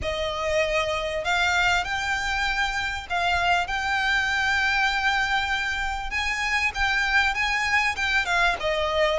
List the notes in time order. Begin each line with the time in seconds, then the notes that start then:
0.02 D#5
1.24 F5
1.84 G5
3.09 F5
3.67 G5
6.10 G#5
6.74 G5
7.34 G#5
7.96 G5
8.25 F5
8.59 D#5